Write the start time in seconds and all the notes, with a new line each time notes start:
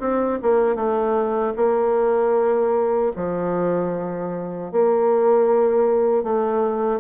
0.00 C4
0.43 A#3
0.76 A3
1.57 A#3
3.16 F3
4.72 A#3
6.23 A3